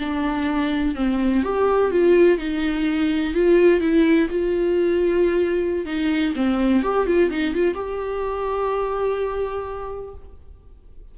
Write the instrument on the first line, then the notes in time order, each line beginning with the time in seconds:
viola
0.00 D4
0.96 C4
1.44 G4
1.92 F4
2.39 D#4
3.35 F4
3.81 E4
4.30 F4
5.86 D#4
6.36 C4
6.83 G4
7.07 F4
7.31 D#4
7.55 F4
7.75 G4